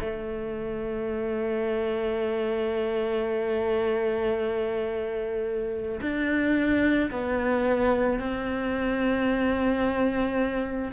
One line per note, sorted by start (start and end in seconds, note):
0.00 6.00 A3
6.01 7.10 D4
7.11 8.19 B3
8.19 10.92 C4